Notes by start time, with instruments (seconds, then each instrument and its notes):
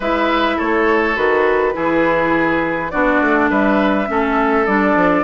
0.00 bassoon G#3, clarinet E4, oboe B4, flute E5
0.57 bassoon A3, oboe A4, flute C#5
1.15 bassoon D#3, clarinet F#4, flute B4
1.72 bassoon E3, clarinet E4, oboe G#4
2.90 bassoon B3, clarinet D4, oboe F#4, flute D5
3.21 bassoon A3
3.50 bassoon G3, oboe B4, flute E5
4.07 bassoon A3, clarinet C#4, oboe A4
4.66 bassoon G3, clarinet D4, flute D5
4.95 bassoon F3